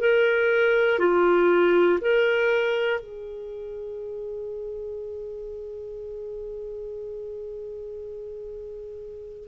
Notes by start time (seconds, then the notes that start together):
0.00 A#4
0.99 F4
2.01 A#4
3.01 G#4